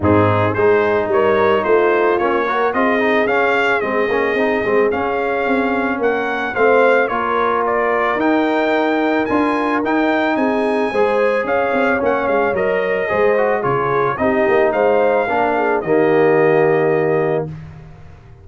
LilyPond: <<
  \new Staff \with { instrumentName = "trumpet" } { \time 4/4 \tempo 4 = 110 gis'4 c''4 cis''4 c''4 | cis''4 dis''4 f''4 dis''4~ | dis''4 f''2 fis''4 | f''4 cis''4 d''4 g''4~ |
g''4 gis''4 g''4 gis''4~ | gis''4 f''4 fis''8 f''8 dis''4~ | dis''4 cis''4 dis''4 f''4~ | f''4 dis''2. | }
  \new Staff \with { instrumentName = "horn" } { \time 4/4 dis'4 gis'4 ais'4 f'4~ | f'8 ais'8 gis'2.~ | gis'2. ais'4 | c''4 ais'2.~ |
ais'2. gis'4 | c''4 cis''2. | c''4 gis'4 g'4 c''4 | ais'8 gis'8 g'2. | }
  \new Staff \with { instrumentName = "trombone" } { \time 4/4 c'4 dis'2. | cis'8 fis'8 f'8 dis'8 cis'4 c'8 cis'8 | dis'8 c'8 cis'2. | c'4 f'2 dis'4~ |
dis'4 f'4 dis'2 | gis'2 cis'4 ais'4 | gis'8 fis'8 f'4 dis'2 | d'4 ais2. | }
  \new Staff \with { instrumentName = "tuba" } { \time 4/4 gis,4 gis4 g4 a4 | ais4 c'4 cis'4 gis8 ais8 | c'8 gis8 cis'4 c'4 ais4 | a4 ais2 dis'4~ |
dis'4 d'4 dis'4 c'4 | gis4 cis'8 c'8 ais8 gis8 fis4 | gis4 cis4 c'8 ais8 gis4 | ais4 dis2. | }
>>